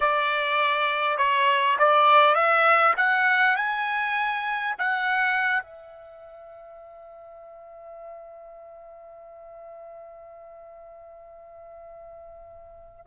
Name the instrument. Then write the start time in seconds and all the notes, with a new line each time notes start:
trumpet
0.00 D5
1.17 C#5
1.78 D5
2.34 E5
2.96 F#5
3.56 G#5
4.78 F#5
5.62 E5